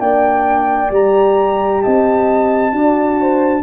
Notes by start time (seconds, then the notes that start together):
0.00 A#3 D4 D5 G5
0.91 G3 G4 A#5
1.82 C4 D#5 A5
2.73 D4 F#4 D5
3.21 C5